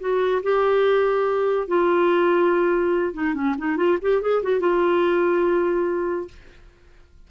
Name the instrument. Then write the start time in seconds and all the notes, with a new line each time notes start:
clarinet
0.00 F#4
0.43 G4
1.67 F4
3.14 D#4
3.34 C#4
3.58 D#4
3.77 F4
4.01 G4
4.21 G#4
4.42 F#4
4.60 F4